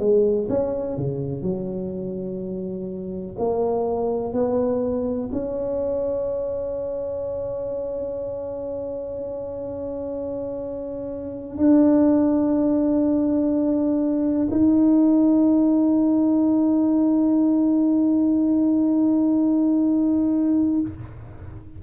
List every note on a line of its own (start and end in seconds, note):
0.00 0.48 G#3
0.50 0.97 C#4
0.97 1.43 C#3
1.43 3.36 F#3
3.39 4.34 A#3
4.34 5.30 B3
5.33 11.58 C#4
11.58 14.48 D4
14.52 20.81 D#4